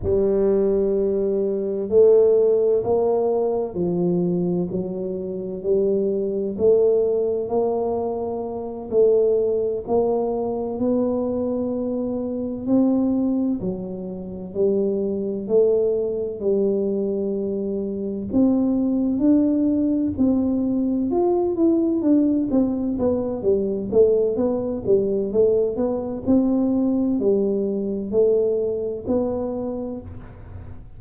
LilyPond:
\new Staff \with { instrumentName = "tuba" } { \time 4/4 \tempo 4 = 64 g2 a4 ais4 | f4 fis4 g4 a4 | ais4. a4 ais4 b8~ | b4. c'4 fis4 g8~ |
g8 a4 g2 c'8~ | c'8 d'4 c'4 f'8 e'8 d'8 | c'8 b8 g8 a8 b8 g8 a8 b8 | c'4 g4 a4 b4 | }